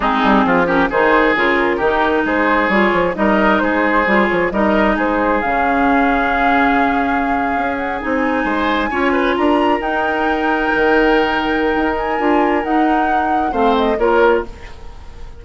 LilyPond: <<
  \new Staff \with { instrumentName = "flute" } { \time 4/4 \tempo 4 = 133 gis'4. ais'8 c''4 ais'4~ | ais'4 c''4 cis''4 dis''4 | c''4. cis''8 dis''4 c''4 | f''1~ |
f''4~ f''16 fis''8 gis''2~ gis''16~ | gis''8. ais''4 g''2~ g''16~ | g''2~ g''8 gis''4. | fis''2 f''8 dis''8 cis''4 | }
  \new Staff \with { instrumentName = "oboe" } { \time 4/4 dis'4 f'8 g'8 gis'2 | g'4 gis'2 ais'4 | gis'2 ais'4 gis'4~ | gis'1~ |
gis'2~ gis'8. c''4 cis''16~ | cis''16 b'8 ais'2.~ ais'16~ | ais'1~ | ais'2 c''4 ais'4 | }
  \new Staff \with { instrumentName = "clarinet" } { \time 4/4 c'4. cis'8 dis'4 f'4 | dis'2 f'4 dis'4~ | dis'4 f'4 dis'2 | cis'1~ |
cis'4.~ cis'16 dis'2 f'16~ | f'4.~ f'16 dis'2~ dis'16~ | dis'2. f'4 | dis'2 c'4 f'4 | }
  \new Staff \with { instrumentName = "bassoon" } { \time 4/4 gis8 g8 f4 dis4 cis4 | dis4 gis4 g8 f8 g4 | gis4 g8 f8 g4 gis4 | cis1~ |
cis8. cis'4 c'4 gis4 cis'16~ | cis'8. d'4 dis'2 dis16~ | dis2 dis'4 d'4 | dis'2 a4 ais4 | }
>>